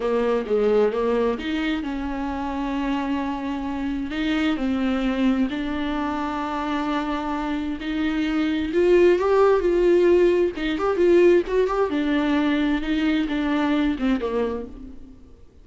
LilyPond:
\new Staff \with { instrumentName = "viola" } { \time 4/4 \tempo 4 = 131 ais4 gis4 ais4 dis'4 | cis'1~ | cis'4 dis'4 c'2 | d'1~ |
d'4 dis'2 f'4 | g'4 f'2 dis'8 g'8 | f'4 fis'8 g'8 d'2 | dis'4 d'4. c'8 ais4 | }